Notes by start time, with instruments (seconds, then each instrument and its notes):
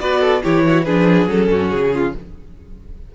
0.00 cello B3, viola F#4, violin B4 D5
0.21 violin A4
0.43 cello E3, viola E4, violin G4 C#5
0.68 violin F#4
0.85 cello F3, viola D4, violin G#4 B4
1.27 cello F#3, viola C#4, violin A4
1.51 cello F#2, violin F#4
1.70 cello C#3, violin G#4
1.94 violin F4